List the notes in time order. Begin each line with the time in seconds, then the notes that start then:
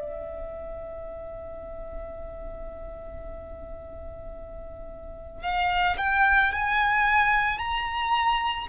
0.00 E5
5.42 F5
5.98 G5
6.52 G#5
7.58 A#5